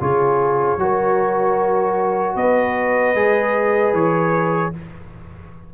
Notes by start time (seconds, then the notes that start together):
0.00 C#3 F4 G#4 C#5
0.77 F#3 F#4 A#4
2.36 B3 B4 D#5
3.14 G#3 G#4
3.93 E3 C#5